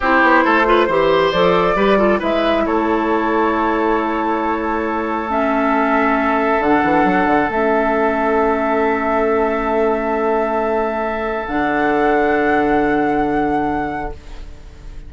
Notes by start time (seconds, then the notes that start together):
0.00 C4 E4 G4 C5
0.22 B3
0.44 A3 A4
0.65 F4 B4
0.87 E3 G4 C5
1.31 F3 A4 D5
1.75 G3 G4 B4
1.98 F4 A4
2.19 G#3 E4 B4 E5
2.65 A3 A4 C#5
5.29 C#4 E5
6.59 D3 D4 F#5
6.83 E3
7.04 F#3
7.25 D3
7.48 A3 C#4 E5
11.47 D3 D4 F#5